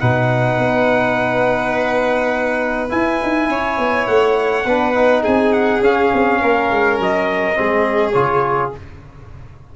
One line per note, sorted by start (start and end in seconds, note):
0.00 0.58 B2
0.00 2.90 D#4
0.00 3.50 B4
0.00 2.91 F#5
0.58 2.91 B3
2.90 4.64 E4
2.90 3.21 E4
2.90 4.07 G#5
3.23 3.49 D#4
3.49 3.78 C#4
3.49 4.66 C#5
3.78 4.07 B3
4.07 4.65 A3
4.07 5.24 F#5
4.65 5.23 B3
4.65 4.94 D4
4.65 5.23 B4
4.94 5.81 D#4
5.23 5.81 C4
5.23 6.39 G#4
5.23 5.53 G#5
5.53 5.82 F#5
5.81 6.10 C#4
5.81 7.54 C#4
5.81 7.00 F5
6.13 6.42 C4
6.42 6.71 A#3
6.42 7.58 A#4
6.71 7.00 G#3
7.00 7.58 F#3
7.00 8.12 D#5
7.54 8.14 G#3
7.54 8.13 C4
7.54 8.76 G#4
8.12 8.72 C#3
8.12 8.72 F4
8.12 8.70 C#5